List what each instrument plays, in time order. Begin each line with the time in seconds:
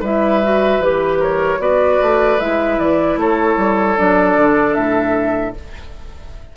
0.00 bassoon G3, clarinet E4, oboe B4, flute E5
0.43 clarinet F#4
0.79 bassoon E3, clarinet G4, flute B4
1.19 oboe A#4, flute C#5
1.59 bassoon B3, clarinet F#4, oboe B4, flute D5
2.02 bassoon A3
2.39 bassoon G#3, clarinet E4, flute E5
2.78 bassoon E3, flute D5
3.17 bassoon A3, oboe A4, flute C#5
3.57 bassoon G3
3.97 bassoon F#3, clarinet D4, flute D5
4.37 bassoon D3
4.74 bassoon A2, flute E5